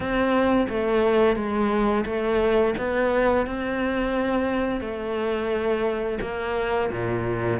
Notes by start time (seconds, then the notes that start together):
0.00 C4
0.69 A3
1.36 G#3
2.05 A3
2.77 B3
3.46 C4
4.80 A3
6.21 A#3
6.91 A#2